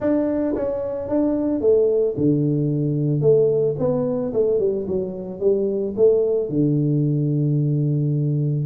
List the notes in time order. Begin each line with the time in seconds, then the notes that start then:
0.00 D4
0.55 C#4
1.08 D4
1.60 A3
2.17 D3
3.21 A3
3.78 B3
4.33 A3
4.59 G3
4.87 F#3
5.40 G3
5.96 A3
6.49 D3